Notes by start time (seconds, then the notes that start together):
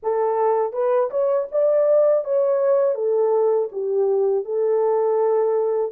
0.02 A4
0.72 B4
1.10 C#5
1.51 D5
2.24 C#5
2.94 A4
3.72 G4
4.44 A4